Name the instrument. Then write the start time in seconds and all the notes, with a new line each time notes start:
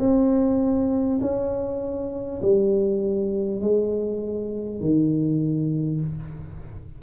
tuba
0.00 C4
1.22 C#4
2.42 G3
3.61 G#3
4.81 D#3